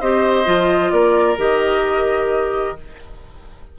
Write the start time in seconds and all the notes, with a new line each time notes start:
0.00 C4 G4 C5 D#5
0.45 F3 F4
0.92 A#3 A#4 D5
1.37 D#3 G4 D#5